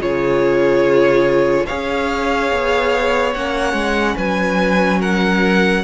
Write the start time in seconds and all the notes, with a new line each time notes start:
0.00 C#3 F4 G#4 C#5
1.66 C#4 G#4 C#5 F5
2.52 B3
3.34 A#3 C#4 F#5
3.73 G#3
4.16 F#3 B4 G#5
5.00 A#4 F#5